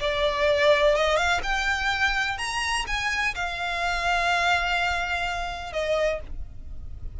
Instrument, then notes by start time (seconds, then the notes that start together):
violin
0.00 D5
0.95 D#5
1.16 F5
1.43 G5
2.38 A#5
2.87 G#5
3.35 F5
5.73 D#5